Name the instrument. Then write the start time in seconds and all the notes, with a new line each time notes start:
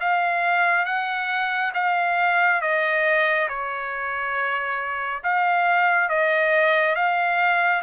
trumpet
0.00 F5
0.85 F#5
1.74 F5
2.61 D#5
3.49 C#5
5.23 F5
6.09 D#5
6.95 F5